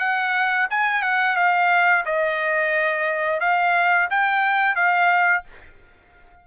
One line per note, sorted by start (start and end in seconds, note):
0.00 0.68 F#5
0.71 1.03 G#5
1.03 1.37 F#5
1.37 2.05 F5
2.06 3.41 D#5
3.41 4.09 F5
4.11 4.76 G5
4.76 5.44 F5